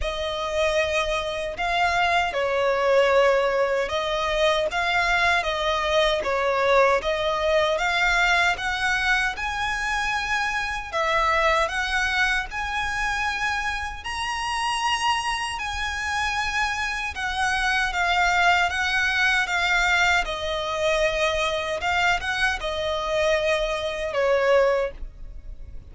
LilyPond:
\new Staff \with { instrumentName = "violin" } { \time 4/4 \tempo 4 = 77 dis''2 f''4 cis''4~ | cis''4 dis''4 f''4 dis''4 | cis''4 dis''4 f''4 fis''4 | gis''2 e''4 fis''4 |
gis''2 ais''2 | gis''2 fis''4 f''4 | fis''4 f''4 dis''2 | f''8 fis''8 dis''2 cis''4 | }